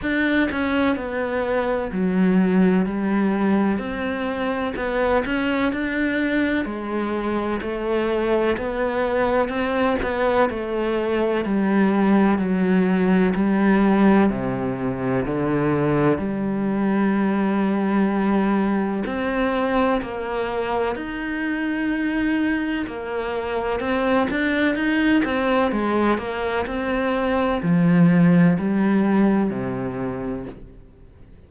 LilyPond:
\new Staff \with { instrumentName = "cello" } { \time 4/4 \tempo 4 = 63 d'8 cis'8 b4 fis4 g4 | c'4 b8 cis'8 d'4 gis4 | a4 b4 c'8 b8 a4 | g4 fis4 g4 c4 |
d4 g2. | c'4 ais4 dis'2 | ais4 c'8 d'8 dis'8 c'8 gis8 ais8 | c'4 f4 g4 c4 | }